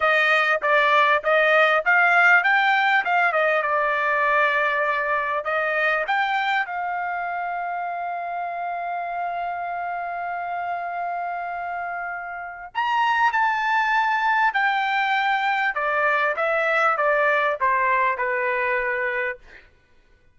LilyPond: \new Staff \with { instrumentName = "trumpet" } { \time 4/4 \tempo 4 = 99 dis''4 d''4 dis''4 f''4 | g''4 f''8 dis''8 d''2~ | d''4 dis''4 g''4 f''4~ | f''1~ |
f''1~ | f''4 ais''4 a''2 | g''2 d''4 e''4 | d''4 c''4 b'2 | }